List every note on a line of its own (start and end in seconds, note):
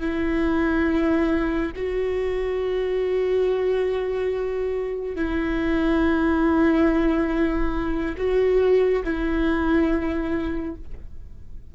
0.00 1.71 E4
1.76 5.16 F#4
5.16 8.16 E4
8.17 9.03 F#4
9.04 10.76 E4